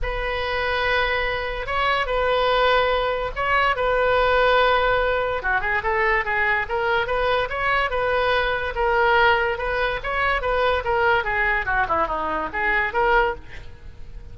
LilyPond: \new Staff \with { instrumentName = "oboe" } { \time 4/4 \tempo 4 = 144 b'1 | cis''4 b'2. | cis''4 b'2.~ | b'4 fis'8 gis'8 a'4 gis'4 |
ais'4 b'4 cis''4 b'4~ | b'4 ais'2 b'4 | cis''4 b'4 ais'4 gis'4 | fis'8 e'8 dis'4 gis'4 ais'4 | }